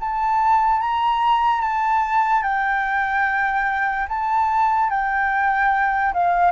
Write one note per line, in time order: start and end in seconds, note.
0.00 0.80 A5
0.80 1.61 A#5
1.61 2.43 A5
2.43 4.08 G5
4.08 4.90 A5
4.90 6.13 G5
6.14 6.52 F5